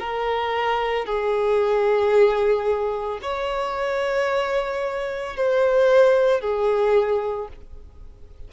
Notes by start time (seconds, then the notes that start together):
0.00 A#4
1.06 G#4
3.23 C#5
5.37 C5
6.41 G#4